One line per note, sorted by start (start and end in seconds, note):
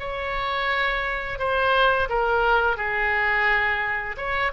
0.00 1.39 C#5
1.39 2.09 C5
2.10 2.77 A#4
2.77 4.16 G#4
4.17 4.52 C#5